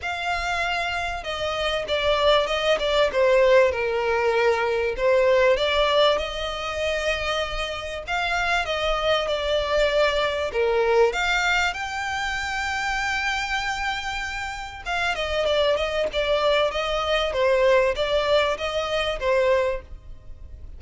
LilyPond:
\new Staff \with { instrumentName = "violin" } { \time 4/4 \tempo 4 = 97 f''2 dis''4 d''4 | dis''8 d''8 c''4 ais'2 | c''4 d''4 dis''2~ | dis''4 f''4 dis''4 d''4~ |
d''4 ais'4 f''4 g''4~ | g''1 | f''8 dis''8 d''8 dis''8 d''4 dis''4 | c''4 d''4 dis''4 c''4 | }